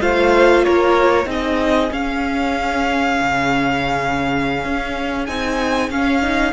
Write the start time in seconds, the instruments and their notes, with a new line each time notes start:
0.00 cello A3, viola F4, violin C5 F5
0.64 cello A#3, violin A#4 C#5
1.25 cello C4, viola D#4, violin G#4 D#5
1.91 viola C#4, cello C#4, violin F5
3.21 cello C#3
4.64 cello C#4
5.26 cello C4, viola D#4, violin G#5
5.90 cello C#4, viola C#4, violin F5
6.22 viola D#4